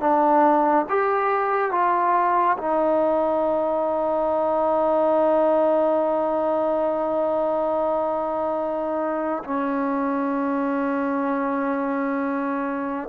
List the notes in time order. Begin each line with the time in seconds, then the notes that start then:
0.00 D4
0.89 G4
1.71 F4
2.58 D#4
9.44 C#4